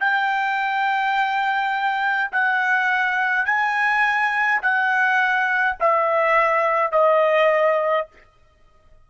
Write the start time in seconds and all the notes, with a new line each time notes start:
0.00 G5
2.32 F#5
3.46 G#5
4.62 F#5
5.80 E5
6.92 D#5